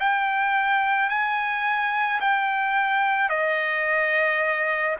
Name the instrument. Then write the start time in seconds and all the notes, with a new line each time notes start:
trumpet
0.00 G5
1.09 G#5
2.21 G5
3.30 D#5